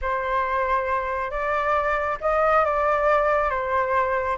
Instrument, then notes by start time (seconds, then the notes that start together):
flute
0.01 C5
1.30 D5
2.20 D#5
2.64 D5
3.50 C5